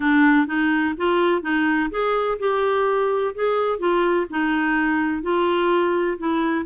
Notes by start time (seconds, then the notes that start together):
0.00 D4
0.46 D#4
0.97 F4
1.42 D#4
1.90 G#4
2.39 G4
3.34 G#4
3.79 F4
4.30 D#4
5.22 F4
6.18 E4